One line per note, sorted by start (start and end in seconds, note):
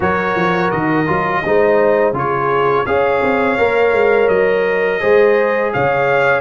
0.00 0.35 F#3
0.00 1.06 F#4
0.00 1.42 A#4
0.00 0.71 C#5
0.35 0.71 F3
0.71 1.07 D#3
0.71 2.13 D#5
1.07 1.43 F#3
1.07 1.42 F4
1.45 2.12 G#3
1.45 2.13 D#4
1.45 2.16 C5
2.12 2.84 C#3
2.12 2.85 F4
2.12 2.86 G#4
2.12 2.86 C#5
2.86 3.22 C#4
2.86 3.58 G#4
2.86 5.00 C#5
2.86 4.28 F5
3.22 3.58 C4
3.58 3.92 A#3
3.58 5.00 A#4
3.92 4.28 G#3
4.28 5.00 F#3
4.28 5.71 D#5
5.00 5.74 G#3
5.00 6.40 G#4
5.00 5.72 C5
5.73 6.40 C#3
5.73 6.40 C#5
5.73 6.40 F5